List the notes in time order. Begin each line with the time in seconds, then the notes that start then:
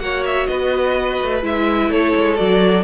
0.00 A#3 F#4 C#5 F#5
0.25 E5
0.47 B3 B4 D#5
1.22 A3
1.42 G#3 E4 E5
1.90 A3 A4 C#5
2.15 G#3
2.36 F#3 F#4 D5